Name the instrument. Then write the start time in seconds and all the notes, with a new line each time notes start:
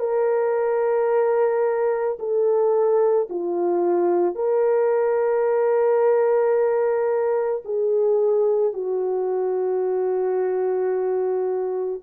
horn
0.00 A#4
2.20 A4
3.30 F4
4.36 A#4
7.65 G#4
8.74 F#4